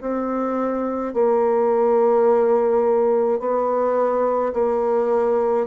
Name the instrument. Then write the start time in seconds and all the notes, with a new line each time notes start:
bassoon
0.00 C4
1.13 A#3
3.39 B3
4.53 A#3